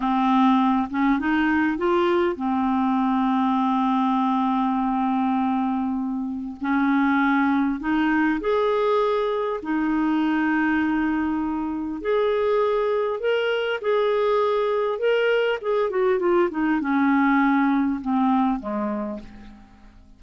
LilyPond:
\new Staff \with { instrumentName = "clarinet" } { \time 4/4 \tempo 4 = 100 c'4. cis'8 dis'4 f'4 | c'1~ | c'2. cis'4~ | cis'4 dis'4 gis'2 |
dis'1 | gis'2 ais'4 gis'4~ | gis'4 ais'4 gis'8 fis'8 f'8 dis'8 | cis'2 c'4 gis4 | }